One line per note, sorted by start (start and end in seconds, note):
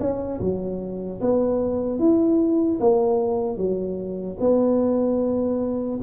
0.00 0.40 C#4
0.40 1.20 F#3
1.21 1.99 B3
1.99 2.79 E4
2.80 3.57 A#3
3.57 4.37 F#3
4.40 6.00 B3